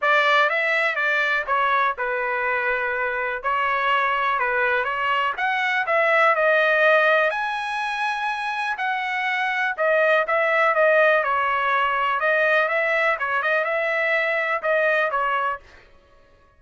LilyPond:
\new Staff \with { instrumentName = "trumpet" } { \time 4/4 \tempo 4 = 123 d''4 e''4 d''4 cis''4 | b'2. cis''4~ | cis''4 b'4 cis''4 fis''4 | e''4 dis''2 gis''4~ |
gis''2 fis''2 | dis''4 e''4 dis''4 cis''4~ | cis''4 dis''4 e''4 cis''8 dis''8 | e''2 dis''4 cis''4 | }